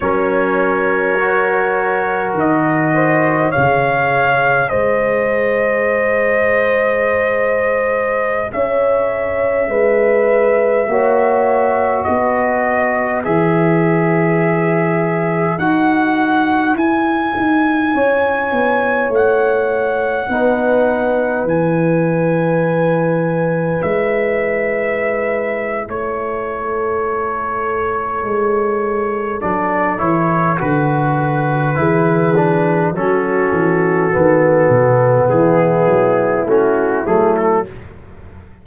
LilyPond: <<
  \new Staff \with { instrumentName = "trumpet" } { \time 4/4 \tempo 4 = 51 cis''2 dis''4 f''4 | dis''2.~ dis''16 e''8.~ | e''2~ e''16 dis''4 e''8.~ | e''4~ e''16 fis''4 gis''4.~ gis''16~ |
gis''16 fis''2 gis''4.~ gis''16~ | gis''16 e''4.~ e''16 cis''2~ | cis''4 d''8 cis''8 b'2 | a'2 gis'4 fis'8 gis'16 a'16 | }
  \new Staff \with { instrumentName = "horn" } { \time 4/4 ais'2~ ais'8 c''8 cis''4 | c''2.~ c''16 cis''8.~ | cis''16 b'4 cis''4 b'4.~ b'16~ | b'2.~ b'16 cis''8.~ |
cis''4~ cis''16 b'2~ b'8.~ | b'2 a'2~ | a'2. gis'4 | fis'2 e'2 | }
  \new Staff \with { instrumentName = "trombone" } { \time 4/4 cis'4 fis'2 gis'4~ | gis'1~ | gis'4~ gis'16 fis'2 gis'8.~ | gis'4~ gis'16 fis'4 e'4.~ e'16~ |
e'4~ e'16 dis'4 e'4.~ e'16~ | e'1~ | e'4 d'8 e'8 fis'4 e'8 d'8 | cis'4 b2 cis'8 a8 | }
  \new Staff \with { instrumentName = "tuba" } { \time 4/4 fis2 dis4 cis4 | gis2.~ gis16 cis'8.~ | cis'16 gis4 ais4 b4 e8.~ | e4~ e16 dis'4 e'8 dis'8 cis'8 b16~ |
b16 a4 b4 e4.~ e16~ | e16 gis4.~ gis16 a2 | gis4 fis8 e8 d4 e4 | fis8 e8 dis8 b,8 e8 fis8 a8 fis8 | }
>>